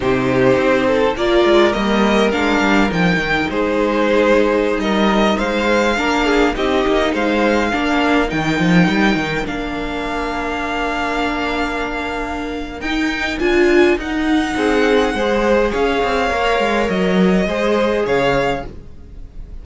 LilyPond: <<
  \new Staff \with { instrumentName = "violin" } { \time 4/4 \tempo 4 = 103 c''2 d''4 dis''4 | f''4 g''4 c''2~ | c''16 dis''4 f''2 dis''8.~ | dis''16 f''2 g''4.~ g''16~ |
g''16 f''2.~ f''8.~ | f''2 g''4 gis''4 | fis''2. f''4~ | f''4 dis''2 f''4 | }
  \new Staff \with { instrumentName = "violin" } { \time 4/4 g'4. a'8 ais'2~ | ais'2 gis'2~ | gis'16 ais'4 c''4 ais'8 gis'8 g'8.~ | g'16 c''4 ais'2~ ais'8.~ |
ais'1~ | ais'1~ | ais'4 gis'4 c''4 cis''4~ | cis''2 c''4 cis''4 | }
  \new Staff \with { instrumentName = "viola" } { \time 4/4 dis'2 f'4 ais4 | d'4 dis'2.~ | dis'2~ dis'16 d'4 dis'8.~ | dis'4~ dis'16 d'4 dis'4.~ dis'16~ |
dis'16 d'2.~ d'8.~ | d'2 dis'4 f'4 | dis'2 gis'2 | ais'2 gis'2 | }
  \new Staff \with { instrumentName = "cello" } { \time 4/4 c4 c'4 ais8 gis8 g4 | gis8 g8 f8 dis8 gis2~ | gis16 g4 gis4 ais4 c'8 ais16~ | ais16 gis4 ais4 dis8 f8 g8 dis16~ |
dis16 ais2.~ ais8.~ | ais2 dis'4 d'4 | dis'4 c'4 gis4 cis'8 c'8 | ais8 gis8 fis4 gis4 cis4 | }
>>